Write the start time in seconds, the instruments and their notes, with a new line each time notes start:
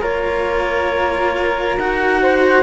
0.00 cello A#3 F4, flute A#4, clarinet C#5
1.77 cello D#4 F#4, clarinet F#5
2.21 flute C5